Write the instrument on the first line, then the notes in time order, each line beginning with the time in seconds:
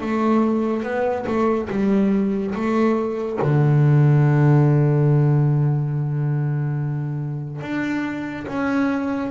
double bass
0.00 A3
0.83 B3
1.26 A3
1.69 G3
2.54 A3
3.41 D3
7.61 D4
8.47 C#4